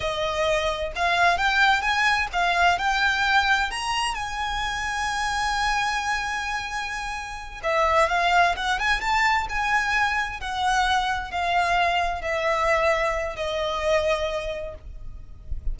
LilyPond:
\new Staff \with { instrumentName = "violin" } { \time 4/4 \tempo 4 = 130 dis''2 f''4 g''4 | gis''4 f''4 g''2 | ais''4 gis''2.~ | gis''1~ |
gis''8 e''4 f''4 fis''8 gis''8 a''8~ | a''8 gis''2 fis''4.~ | fis''8 f''2 e''4.~ | e''4 dis''2. | }